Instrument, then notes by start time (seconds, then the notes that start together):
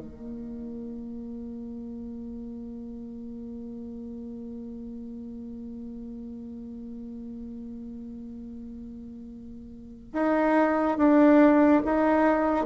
bassoon
0.00 A#3
10.13 D#4
10.98 D4
11.85 D#4